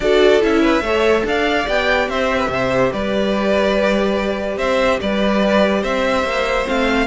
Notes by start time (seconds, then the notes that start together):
0.00 D4 F#4 A4 D5
0.41 C#4 E4 E5
0.62 B4
0.81 A3 A4 C#5
1.24 D4 D5 F5
1.64 B3 G4 G5
2.08 C4 C5 E5
2.38 B4
2.48 C3 C5
2.92 G3 B4 D5
4.56 C4 C5 E5
5.01 G3 B4 D5
5.81 C4 C5 E5
6.23 A#3
6.66 A3 C4 F5